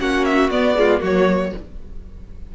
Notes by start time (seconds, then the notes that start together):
0.00 A#3 C#4 F#4 F#5
0.25 E5
0.51 B3 D5
0.75 G#3 F4
1.00 F#3 A#3 F#4 C#5